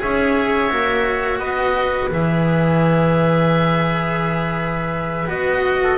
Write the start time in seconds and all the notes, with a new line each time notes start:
0.00 C#4 G#4 C#5 E5
0.70 A#3 F#4
1.39 B3 B4 D#5
2.11 E3 G#4 E5
5.28 B3 F#4 D#5
5.83 A4